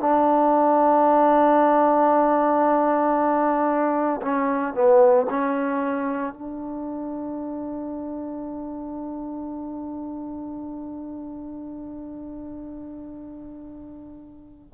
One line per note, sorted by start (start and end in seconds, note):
0.00 4.21 D4
4.22 4.74 C#4
4.74 5.27 B3
5.30 6.33 C#4
6.33 14.74 D4